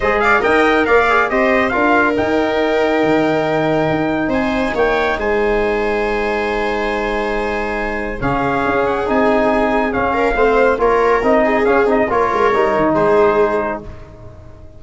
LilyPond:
<<
  \new Staff \with { instrumentName = "trumpet" } { \time 4/4 \tempo 4 = 139 dis''8 f''8 g''4 f''4 dis''4 | f''4 g''2.~ | g''2 gis''4 g''4 | gis''1~ |
gis''2. f''4~ | f''8 fis''8 gis''2 f''4~ | f''4 cis''4 dis''4 f''8 dis''8 | cis''2 c''2 | }
  \new Staff \with { instrumentName = "viola" } { \time 4/4 c''8 d''8 dis''4 d''4 c''4 | ais'1~ | ais'2 c''4 cis''4 | c''1~ |
c''2. gis'4~ | gis'2.~ gis'8 ais'8 | c''4 ais'4. gis'4. | ais'2 gis'2 | }
  \new Staff \with { instrumentName = "trombone" } { \time 4/4 gis'4 ais'4. gis'8 g'4 | f'4 dis'2.~ | dis'1~ | dis'1~ |
dis'2. cis'4~ | cis'4 dis'2 cis'4 | c'4 f'4 dis'4 cis'8 dis'8 | f'4 dis'2. | }
  \new Staff \with { instrumentName = "tuba" } { \time 4/4 gis4 dis'4 ais4 c'4 | d'4 dis'2 dis4~ | dis4 dis'4 c'4 ais4 | gis1~ |
gis2. cis4 | cis'4 c'2 cis'4 | a4 ais4 c'4 cis'8 c'8 | ais8 gis8 g8 dis8 gis2 | }
>>